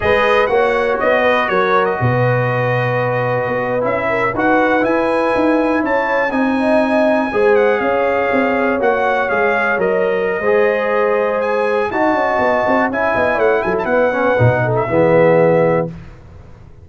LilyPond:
<<
  \new Staff \with { instrumentName = "trumpet" } { \time 4/4 \tempo 4 = 121 dis''4 fis''4 dis''4 cis''8. dis''16~ | dis''2.~ dis''8. e''16~ | e''8. fis''4 gis''2 a''16~ | a''8. gis''2~ gis''8 fis''8 f''16~ |
f''4.~ f''16 fis''4 f''4 dis''16~ | dis''2. gis''4 | a''2 gis''4 fis''8 gis''16 a''16 | fis''4.~ fis''16 e''2~ e''16 | }
  \new Staff \with { instrumentName = "horn" } { \time 4/4 b'4 cis''4. b'8 ais'4 | b'1~ | b'16 ais'8 b'2. cis''16~ | cis''8. dis''2 c''4 cis''16~ |
cis''1~ | cis''4 c''2. | dis''2 e''8 dis''8 cis''8 a'8 | b'4. a'8 gis'2 | }
  \new Staff \with { instrumentName = "trombone" } { \time 4/4 gis'4 fis'2.~ | fis'2.~ fis'8. e'16~ | e'8. fis'4 e'2~ e'16~ | e'8. dis'2 gis'4~ gis'16~ |
gis'4.~ gis'16 fis'4 gis'4 ais'16~ | ais'4 gis'2. | fis'2 e'2~ | e'8 cis'8 dis'4 b2 | }
  \new Staff \with { instrumentName = "tuba" } { \time 4/4 gis4 ais4 b4 fis4 | b,2. b8. cis'16~ | cis'8. dis'4 e'4 dis'4 cis'16~ | cis'8. c'2 gis4 cis'16~ |
cis'8. c'4 ais4 gis4 fis16~ | fis4 gis2. | dis'8 cis'8 b8 c'8 cis'8 b8 a8 fis8 | b4 b,4 e2 | }
>>